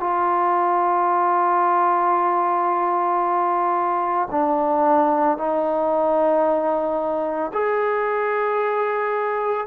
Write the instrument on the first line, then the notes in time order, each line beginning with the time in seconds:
trombone
0.00 F4
4.31 D4
5.38 D#4
7.53 G#4